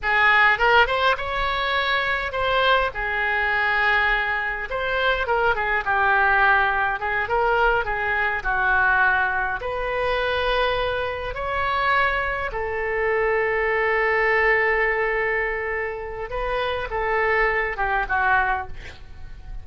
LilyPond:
\new Staff \with { instrumentName = "oboe" } { \time 4/4 \tempo 4 = 103 gis'4 ais'8 c''8 cis''2 | c''4 gis'2. | c''4 ais'8 gis'8 g'2 | gis'8 ais'4 gis'4 fis'4.~ |
fis'8 b'2. cis''8~ | cis''4. a'2~ a'8~ | a'1 | b'4 a'4. g'8 fis'4 | }